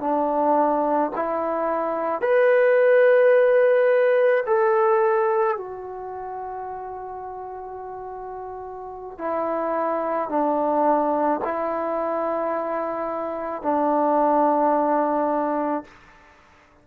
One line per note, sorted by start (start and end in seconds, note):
0.00 1.11 D4
1.15 2.21 E4
2.21 4.43 B4
4.46 5.57 A4
5.57 9.18 F#4
9.18 10.29 E4
10.29 11.40 D4
11.44 13.62 E4
13.62 15.84 D4